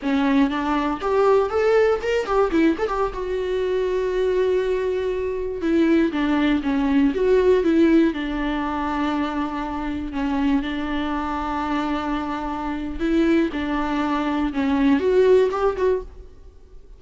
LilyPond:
\new Staff \with { instrumentName = "viola" } { \time 4/4 \tempo 4 = 120 cis'4 d'4 g'4 a'4 | ais'8 g'8 e'8 a'16 g'8 fis'4.~ fis'16~ | fis'2.~ fis'16 e'8.~ | e'16 d'4 cis'4 fis'4 e'8.~ |
e'16 d'2.~ d'8.~ | d'16 cis'4 d'2~ d'8.~ | d'2 e'4 d'4~ | d'4 cis'4 fis'4 g'8 fis'8 | }